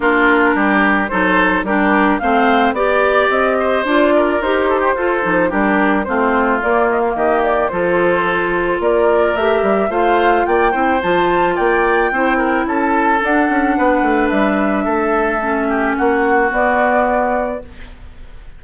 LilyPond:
<<
  \new Staff \with { instrumentName = "flute" } { \time 4/4 \tempo 4 = 109 ais'2 c''4 ais'4 | f''4 d''4 dis''4 d''4 | c''2 ais'4 c''4 | d''8 dis''16 f''16 dis''8 d''8 c''2 |
d''4 e''4 f''4 g''4 | a''4 g''2 a''4 | fis''2 e''2~ | e''4 fis''4 d''2 | }
  \new Staff \with { instrumentName = "oboe" } { \time 4/4 f'4 g'4 a'4 g'4 | c''4 d''4. c''4 ais'8~ | ais'8 a'16 g'16 a'4 g'4 f'4~ | f'4 g'4 a'2 |
ais'2 c''4 d''8 c''8~ | c''4 d''4 c''8 ais'8 a'4~ | a'4 b'2 a'4~ | a'8 g'8 fis'2. | }
  \new Staff \with { instrumentName = "clarinet" } { \time 4/4 d'2 dis'4 d'4 | c'4 g'2 f'4 | g'4 f'8 dis'8 d'4 c'4 | ais2 f'2~ |
f'4 g'4 f'4. e'8 | f'2 e'2 | d'1 | cis'2 b2 | }
  \new Staff \with { instrumentName = "bassoon" } { \time 4/4 ais4 g4 fis4 g4 | a4 b4 c'4 d'4 | dis'4 f'8 f8 g4 a4 | ais4 dis4 f2 |
ais4 a8 g8 a4 ais8 c'8 | f4 ais4 c'4 cis'4 | d'8 cis'8 b8 a8 g4 a4~ | a4 ais4 b2 | }
>>